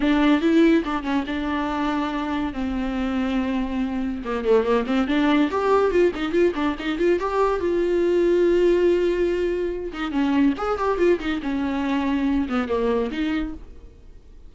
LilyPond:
\new Staff \with { instrumentName = "viola" } { \time 4/4 \tempo 4 = 142 d'4 e'4 d'8 cis'8 d'4~ | d'2 c'2~ | c'2 ais8 a8 ais8 c'8 | d'4 g'4 f'8 dis'8 f'8 d'8 |
dis'8 f'8 g'4 f'2~ | f'2.~ f'8 dis'8 | cis'4 gis'8 g'8 f'8 dis'8 cis'4~ | cis'4. b8 ais4 dis'4 | }